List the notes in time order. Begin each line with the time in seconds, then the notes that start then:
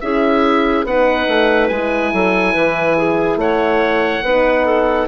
0.00 C#4 E4 G#4 E5
0.84 B3 D#4 B4 F#5
1.28 A3
1.68 G#3 E4 G#5
2.13 F#3 A4
2.53 E3 B4
2.97 G#4
3.36 A3 C#5 F#5
4.23 B3 D#4 B4
4.65 A4